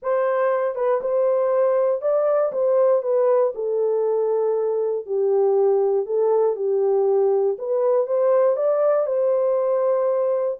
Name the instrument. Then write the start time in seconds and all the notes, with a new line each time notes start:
horn
0.02 C5
0.75 B4
1.01 C5
2.01 D5
2.52 C5
3.02 B4
3.55 A4
5.06 G4
6.05 A4
6.56 G4
7.58 B4
8.06 C5
8.56 D5
9.06 C5